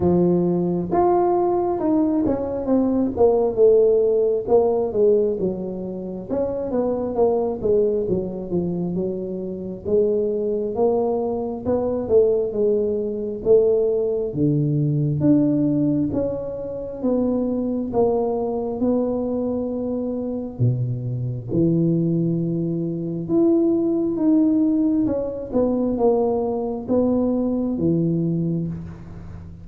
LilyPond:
\new Staff \with { instrumentName = "tuba" } { \time 4/4 \tempo 4 = 67 f4 f'4 dis'8 cis'8 c'8 ais8 | a4 ais8 gis8 fis4 cis'8 b8 | ais8 gis8 fis8 f8 fis4 gis4 | ais4 b8 a8 gis4 a4 |
d4 d'4 cis'4 b4 | ais4 b2 b,4 | e2 e'4 dis'4 | cis'8 b8 ais4 b4 e4 | }